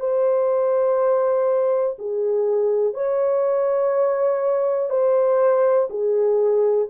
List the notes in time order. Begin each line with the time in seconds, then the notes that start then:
0.00 C5
1.99 G#4
2.94 C#5
4.90 C5
5.90 G#4